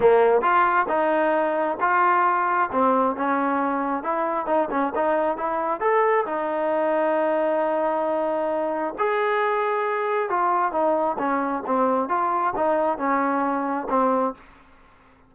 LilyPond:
\new Staff \with { instrumentName = "trombone" } { \time 4/4 \tempo 4 = 134 ais4 f'4 dis'2 | f'2 c'4 cis'4~ | cis'4 e'4 dis'8 cis'8 dis'4 | e'4 a'4 dis'2~ |
dis'1 | gis'2. f'4 | dis'4 cis'4 c'4 f'4 | dis'4 cis'2 c'4 | }